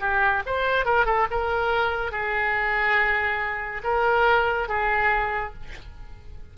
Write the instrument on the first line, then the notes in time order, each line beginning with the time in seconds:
oboe
0.00 G4
0.46 C5
0.85 A#4
1.06 A4
1.31 A#4
2.11 G#4
3.84 A#4
4.68 G#4